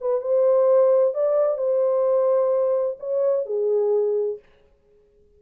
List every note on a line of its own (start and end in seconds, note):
0.00 0.21 B4
0.21 1.14 C5
1.14 1.58 D5
1.58 2.97 C5
2.99 3.45 C#5
3.45 4.38 G#4